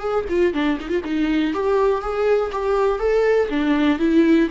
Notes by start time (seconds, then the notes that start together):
0.00 G#4
0.29 F4
0.53 D4
0.80 D#4
0.89 F4
1.04 D#4
1.53 G4
2.02 G#4
2.52 G4
2.99 A4
3.50 D4
3.99 E4